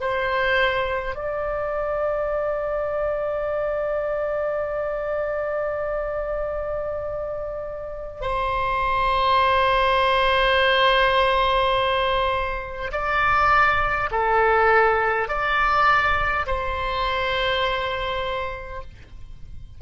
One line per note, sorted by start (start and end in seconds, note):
0.00 1.15 C5
1.15 8.21 D5
8.21 12.91 C5
12.92 14.10 D5
14.11 15.28 A4
15.28 16.45 D5
16.46 18.81 C5